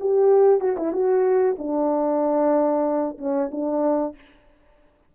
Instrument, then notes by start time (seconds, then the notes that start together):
horn
0.00 G4
0.60 F#4
0.77 E4
0.92 F#4
1.58 D4
3.18 C#4
3.51 D4